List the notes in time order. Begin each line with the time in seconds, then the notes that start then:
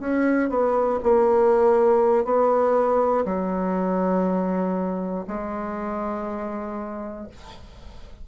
0.00 C#4
0.50 B3
1.03 A#3
2.25 B3
3.25 F#3
5.28 G#3